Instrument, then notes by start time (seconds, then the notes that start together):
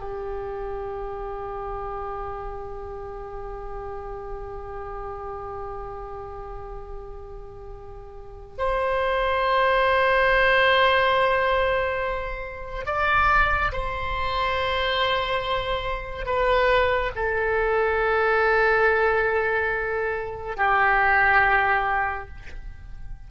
oboe
0.00 G4
8.59 C5
12.86 D5
13.73 C5
16.26 B4
17.15 A4
20.57 G4